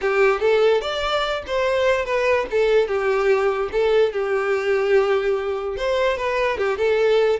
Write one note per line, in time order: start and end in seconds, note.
0.01 0.40 G4
0.40 0.81 A4
0.81 1.43 D5
1.46 2.05 C5
2.05 2.46 B4
2.50 2.87 A4
2.87 3.69 G4
3.72 4.12 A4
4.12 5.76 G4
5.76 6.17 C5
6.17 6.57 B4
6.57 6.77 G4
6.77 7.39 A4